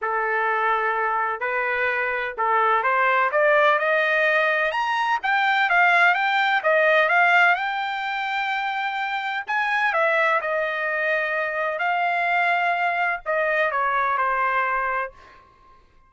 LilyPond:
\new Staff \with { instrumentName = "trumpet" } { \time 4/4 \tempo 4 = 127 a'2. b'4~ | b'4 a'4 c''4 d''4 | dis''2 ais''4 g''4 | f''4 g''4 dis''4 f''4 |
g''1 | gis''4 e''4 dis''2~ | dis''4 f''2. | dis''4 cis''4 c''2 | }